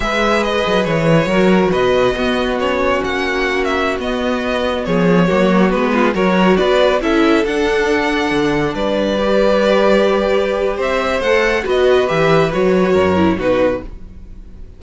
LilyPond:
<<
  \new Staff \with { instrumentName = "violin" } { \time 4/4 \tempo 4 = 139 e''4 dis''4 cis''2 | dis''2 cis''4 fis''4~ | fis''8 e''8. dis''2 cis''8.~ | cis''4~ cis''16 b'4 cis''4 d''8.~ |
d''16 e''4 fis''2~ fis''8.~ | fis''16 d''2.~ d''8.~ | d''4 e''4 fis''4 dis''4 | e''4 cis''2 b'4 | }
  \new Staff \with { instrumentName = "violin" } { \time 4/4 b'2. ais'4 | b'4 fis'2.~ | fis'2.~ fis'16 gis'8.~ | gis'16 fis'4. f'8 ais'4 b'8.~ |
b'16 a'2.~ a'8.~ | a'16 b'2.~ b'8.~ | b'4 c''2 b'4~ | b'2 ais'4 fis'4 | }
  \new Staff \with { instrumentName = "viola" } { \time 4/4 gis'2. fis'4~ | fis'4 b4 cis'2~ | cis'4~ cis'16 b2~ b8.~ | b16 ais4 b4 fis'4.~ fis'16~ |
fis'16 e'4 d'2~ d'8.~ | d'4~ d'16 g'2~ g'8.~ | g'2 a'4 fis'4 | g'4 fis'4. e'8 dis'4 | }
  \new Staff \with { instrumentName = "cello" } { \time 4/4 gis4. fis8 e4 fis4 | b,4 b2 ais4~ | ais4~ ais16 b2 f8.~ | f16 fis4 gis4 fis4 b8.~ |
b16 cis'4 d'2 d8.~ | d16 g2.~ g8.~ | g4 c'4 a4 b4 | e4 fis4 fis,4 b,4 | }
>>